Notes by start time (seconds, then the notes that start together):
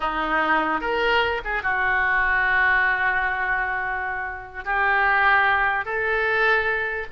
0.00 D#4
0.81 A#4
1.44 G#4
1.62 F#4
4.64 G4
5.85 A4